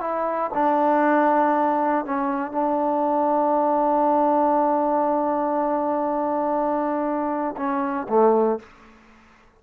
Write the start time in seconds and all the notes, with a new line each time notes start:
0.00 E4
0.54 D4
2.05 C#4
2.51 D4
7.57 C#4
8.08 A3